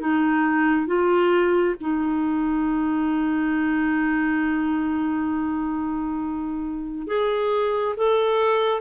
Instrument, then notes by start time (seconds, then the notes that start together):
clarinet
0.00 D#4
0.87 F4
1.81 D#4
7.07 G#4
7.97 A4